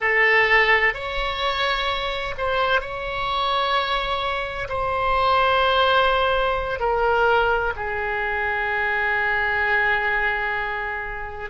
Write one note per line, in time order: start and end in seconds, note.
0.00 0.94 A4
0.94 2.34 C#5
2.37 2.80 C5
2.80 4.68 C#5
4.68 6.79 C5
6.79 7.73 A#4
7.76 11.50 G#4